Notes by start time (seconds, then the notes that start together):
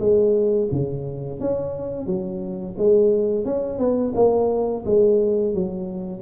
0.00 G#3
0.71 C#3
1.40 C#4
2.07 F#3
2.78 G#3
3.45 C#4
3.79 B3
4.15 A#3
4.86 G#3
5.55 F#3